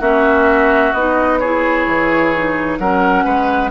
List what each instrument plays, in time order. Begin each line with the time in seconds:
0.00 bassoon A#3, clarinet C#4, oboe F#4, flute E5
0.92 bassoon B3, clarinet D#4, flute D#5
1.39 clarinet E4, oboe G#4, flute C#5
1.86 bassoon E3
2.34 clarinet D#4
2.78 bassoon F#3, clarinet C#4, oboe A#4, flute F#5
3.24 bassoon G#3, oboe B4